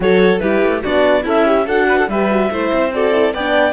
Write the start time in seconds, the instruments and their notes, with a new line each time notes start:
0.00 cello F#3, horn F#4, violin A4, clarinet C#5
0.39 cello G3, horn E4, violin G4, clarinet B4
0.62 cello A3
0.82 cello B3, horn D4, violin F#4, clarinet D5
1.22 cello C#4, violin E4, horn A4, clarinet E5
1.46 horn G4
1.65 cello D4, horn F#4, violin A4, clarinet F#5
1.88 violin B4
1.98 violin A4
2.08 cello G3, horn G4, violin B4, clarinet E5
2.30 horn F#4
2.49 cello A3, horn E4, violin C5
2.72 cello C4
2.93 horn F#4, violin A4, clarinet D5
3.12 horn E4
3.33 cello B3, horn D4, violin D5, clarinet G5